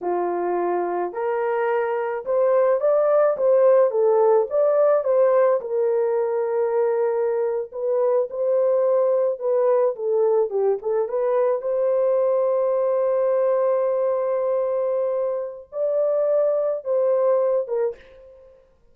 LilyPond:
\new Staff \with { instrumentName = "horn" } { \time 4/4 \tempo 4 = 107 f'2 ais'2 | c''4 d''4 c''4 a'4 | d''4 c''4 ais'2~ | ais'4.~ ais'16 b'4 c''4~ c''16~ |
c''8. b'4 a'4 g'8 a'8 b'16~ | b'8. c''2.~ c''16~ | c''1 | d''2 c''4. ais'8 | }